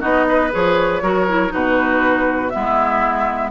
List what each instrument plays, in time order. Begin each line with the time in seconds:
0.00 bassoon B3, clarinet D#4, oboe F#4, flute D#5
0.29 oboe B4
0.51 bassoon F3, clarinet G#4, flute C#5
1.02 bassoon F#3, clarinet F#4, oboe A#4
1.28 clarinet E4
1.49 bassoon B2, clarinet D#4, oboe F#4, flute B4
2.49 bassoon G#3, clarinet B3, oboe E4, flute E5